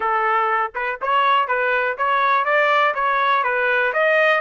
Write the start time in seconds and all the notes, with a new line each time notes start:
0.00 A4
0.74 B4
1.01 C#5
1.47 B4
1.97 C#5
2.45 D5
2.94 C#5
3.43 B4
3.93 D#5